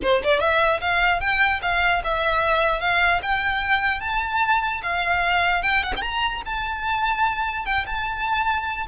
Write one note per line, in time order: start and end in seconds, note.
0.02 0.22 C5
0.23 0.40 D5
0.40 0.80 E5
0.80 1.20 F5
1.20 1.60 G5
1.62 2.02 F5
2.04 2.80 E5
2.80 3.20 F5
3.22 4.00 G5
4.00 4.81 A5
4.82 5.63 F5
5.63 5.83 G5
5.83 5.93 F#5
5.96 6.01 G5
5.96 6.42 A#5
6.45 7.65 A5
7.65 7.85 G5
7.86 8.86 A5